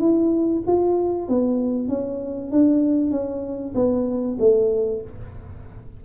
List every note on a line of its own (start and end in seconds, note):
0.00 0.62 E4
0.67 1.29 F4
1.29 1.89 B3
1.89 2.51 C#4
2.51 3.11 D4
3.11 3.74 C#4
3.75 4.38 B3
4.39 5.02 A3